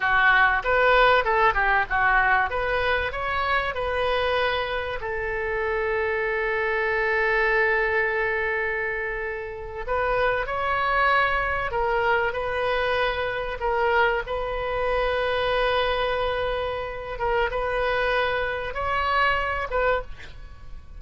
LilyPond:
\new Staff \with { instrumentName = "oboe" } { \time 4/4 \tempo 4 = 96 fis'4 b'4 a'8 g'8 fis'4 | b'4 cis''4 b'2 | a'1~ | a'2.~ a'8. b'16~ |
b'8. cis''2 ais'4 b'16~ | b'4.~ b'16 ais'4 b'4~ b'16~ | b'2.~ b'8 ais'8 | b'2 cis''4. b'8 | }